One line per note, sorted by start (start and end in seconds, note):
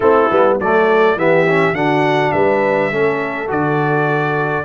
0.00 0.28 A3
0.00 0.30 C4
0.00 0.57 E4
0.00 0.57 A4
0.30 0.59 G3
0.30 0.59 B3
0.59 1.15 F#3
0.59 1.17 A3
0.59 1.17 A4
0.59 1.18 D5
1.15 1.72 E3
1.15 1.46 B3
1.15 1.75 G4
1.15 1.74 E5
1.47 1.75 C#4
1.72 2.30 D3
1.72 2.91 D4
1.72 2.33 F#4
1.72 2.32 F#5
2.32 2.92 G3
2.32 2.91 B4
2.32 3.48 E5
2.91 3.50 A3
2.91 3.47 C#4
2.91 4.64 A4
3.47 4.64 D3
3.47 4.64 F#4
3.47 4.64 D5